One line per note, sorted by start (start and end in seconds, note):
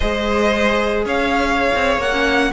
0.00 1.05 G#3
0.00 2.12 G#4
0.00 1.04 C5
0.00 1.04 D#5
1.05 1.71 C#4
1.05 2.51 C#5
1.05 2.01 F5
1.75 1.97 C4
1.97 2.50 A#3
1.97 2.52 F#5
2.12 2.52 C#4